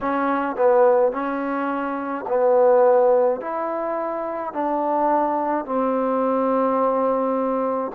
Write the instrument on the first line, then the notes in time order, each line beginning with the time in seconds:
trombone
0.01 C#4
0.56 B3
1.12 C#4
2.27 B3
3.41 E4
4.53 D4
5.64 C4